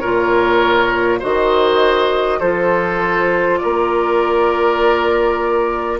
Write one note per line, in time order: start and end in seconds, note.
0.00 1.24 A#2
0.00 1.21 F4
0.00 1.20 A#4
0.00 1.20 C#5
1.20 2.41 D#3
1.20 2.41 F#4
1.20 2.40 C5
1.20 2.40 D#5
2.40 3.61 F3
2.40 6.00 F4
2.40 3.60 A4
2.40 3.58 C5
3.58 6.00 A#4
3.58 5.98 D5
3.64 6.00 A#3